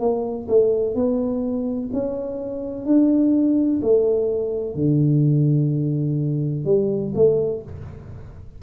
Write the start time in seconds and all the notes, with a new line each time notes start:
0.00 A#3
0.49 A3
0.95 B3
1.93 C#4
2.86 D4
3.82 A3
4.75 D3
6.65 G3
7.15 A3